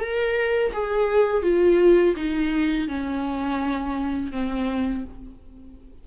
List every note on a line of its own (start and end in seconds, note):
0.00 0.72 A#4
0.73 1.43 G#4
1.43 2.15 F4
2.16 2.88 D#4
2.88 4.32 C#4
4.32 5.04 C4